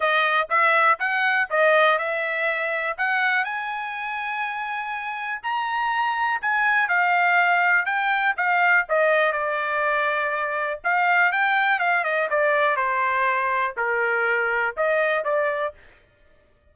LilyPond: \new Staff \with { instrumentName = "trumpet" } { \time 4/4 \tempo 4 = 122 dis''4 e''4 fis''4 dis''4 | e''2 fis''4 gis''4~ | gis''2. ais''4~ | ais''4 gis''4 f''2 |
g''4 f''4 dis''4 d''4~ | d''2 f''4 g''4 | f''8 dis''8 d''4 c''2 | ais'2 dis''4 d''4 | }